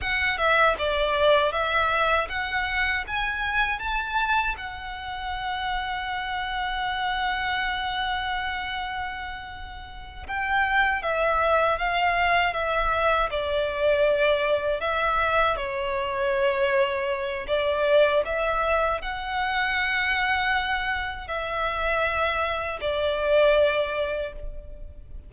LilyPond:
\new Staff \with { instrumentName = "violin" } { \time 4/4 \tempo 4 = 79 fis''8 e''8 d''4 e''4 fis''4 | gis''4 a''4 fis''2~ | fis''1~ | fis''4. g''4 e''4 f''8~ |
f''8 e''4 d''2 e''8~ | e''8 cis''2~ cis''8 d''4 | e''4 fis''2. | e''2 d''2 | }